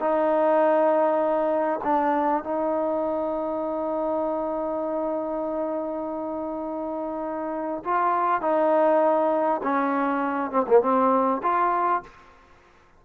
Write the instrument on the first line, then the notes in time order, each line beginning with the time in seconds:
trombone
0.00 D#4
1.84 D4
2.44 D#4
7.85 F4
8.41 D#4
9.63 C#4
10.51 C4
10.67 A#3
10.82 C4
11.43 F4